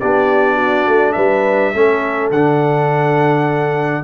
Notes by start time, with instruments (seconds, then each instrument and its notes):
0.00 tuba B3, trombone D4, horn G4, trumpet D5
0.56 horn F#4
0.87 tuba A3
1.13 tuba G3, horn B4, trumpet E5
1.74 tuba A3, trombone C#4, horn A4
2.30 tuba D3, trombone D4, trumpet F#5